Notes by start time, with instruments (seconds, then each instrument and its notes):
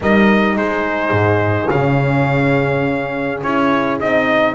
0.00 double bass G3, horn D#4 A#4, trumpet D#5
0.56 double bass G#3, horn G#4, trumpet C5
1.11 double bass G#2
1.70 double bass C#3, horn C#4, trumpet F5
3.42 double bass C#4, horn E4, trumpet C#5
3.99 double bass C4, horn D#4, trumpet D#5